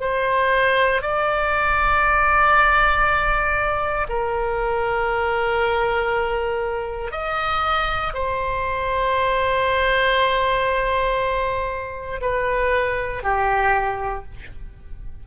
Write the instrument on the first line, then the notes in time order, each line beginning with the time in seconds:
oboe
0.00 C5
1.02 D5
4.09 A#4
7.11 D#5
8.14 C5
12.21 B4
13.23 G4